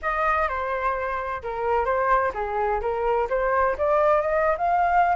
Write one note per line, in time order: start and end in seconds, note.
0.02 0.48 D#5
0.48 1.42 C5
1.42 1.85 A#4
1.85 2.32 C5
2.34 2.81 G#4
2.81 3.28 A#4
3.29 3.76 C5
3.78 4.21 D5
4.21 4.56 D#5
4.57 5.15 F5